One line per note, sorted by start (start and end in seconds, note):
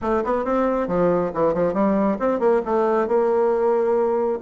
0.01 0.23 A3
0.24 0.45 B3
0.45 0.87 C4
0.87 1.31 F3
1.34 1.53 E3
1.53 1.73 F3
1.73 2.17 G3
2.19 2.39 C4
2.39 2.61 A#3
2.65 3.07 A3
3.07 4.39 A#3